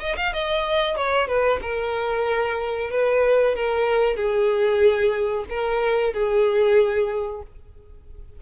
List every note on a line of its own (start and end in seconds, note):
0.00 0.16 D#5
0.17 0.33 F5
0.33 0.96 D#5
0.96 1.28 C#5
1.28 1.60 B4
1.62 2.91 A#4
2.91 3.55 B4
3.55 4.16 A#4
4.16 5.45 G#4
5.49 6.13 A#4
6.13 7.42 G#4